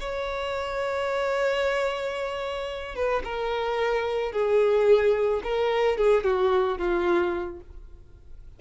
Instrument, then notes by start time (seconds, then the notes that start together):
violin
0.00 C#5
2.96 B4
3.24 A#4
4.32 G#4
5.44 A#4
5.98 G#4
6.24 F#4
6.78 F4